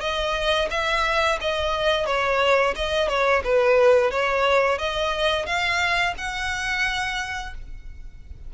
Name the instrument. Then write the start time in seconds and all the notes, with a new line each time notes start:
violin
0.00 D#5
0.70 E5
1.41 D#5
2.06 C#5
2.76 D#5
3.08 C#5
3.43 B4
4.11 C#5
4.78 D#5
5.45 F5
6.17 F#5